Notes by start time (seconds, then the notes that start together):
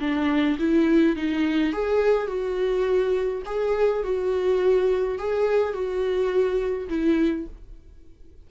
0.00 D4
0.59 E4
1.16 D#4
1.73 G#4
2.27 F#4
3.46 G#4
4.04 F#4
5.19 G#4
5.73 F#4
6.89 E4